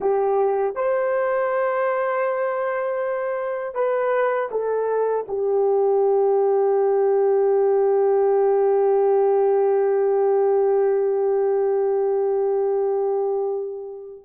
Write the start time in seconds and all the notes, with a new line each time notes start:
0.00 G4
0.75 C5
3.74 B4
4.51 A4
5.28 G4